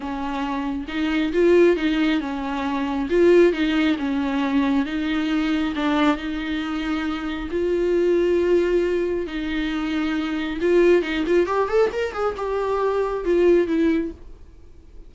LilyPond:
\new Staff \with { instrumentName = "viola" } { \time 4/4 \tempo 4 = 136 cis'2 dis'4 f'4 | dis'4 cis'2 f'4 | dis'4 cis'2 dis'4~ | dis'4 d'4 dis'2~ |
dis'4 f'2.~ | f'4 dis'2. | f'4 dis'8 f'8 g'8 a'8 ais'8 gis'8 | g'2 f'4 e'4 | }